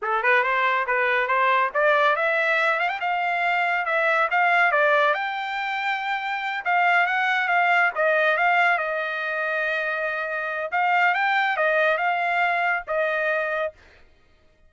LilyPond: \new Staff \with { instrumentName = "trumpet" } { \time 4/4 \tempo 4 = 140 a'8 b'8 c''4 b'4 c''4 | d''4 e''4. f''16 g''16 f''4~ | f''4 e''4 f''4 d''4 | g''2.~ g''8 f''8~ |
f''8 fis''4 f''4 dis''4 f''8~ | f''8 dis''2.~ dis''8~ | dis''4 f''4 g''4 dis''4 | f''2 dis''2 | }